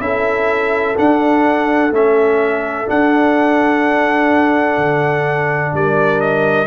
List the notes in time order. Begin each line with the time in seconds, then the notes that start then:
0.00 C#4 E4 A4 E5
0.97 D4 F#5
1.92 A3 C#4 E5
2.86 D4 F#5
4.78 D3
5.74 G3 A#4 D5
6.21 D#5